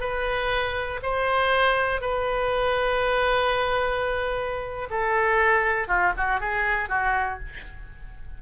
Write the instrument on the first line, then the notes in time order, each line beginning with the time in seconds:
oboe
0.00 B4
1.02 C5
2.01 B4
4.90 A4
5.87 F4
6.17 F#4
6.40 G#4
6.89 F#4